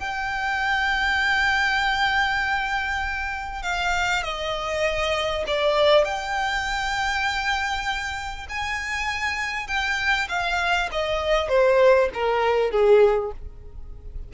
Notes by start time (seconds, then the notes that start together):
0.00 G5
3.63 F5
4.24 D#5
5.48 D5
6.05 G5
8.50 G#5
9.68 G5
10.29 F5
10.93 D#5
11.49 C5
12.14 A#4
12.72 G#4